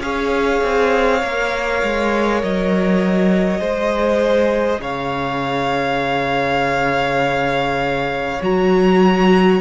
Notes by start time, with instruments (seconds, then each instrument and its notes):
0.00 cello C#4, viola G#4, violin C#5 F5
0.64 cello C4
1.22 cello A#3, viola A#4
1.82 cello G#3
2.43 cello F#3, violin D#5
3.59 cello G#3, viola G#4, violin C5
4.78 cello C#3, violin C#5 F5
8.41 cello F#3, viola F#4, violin A#5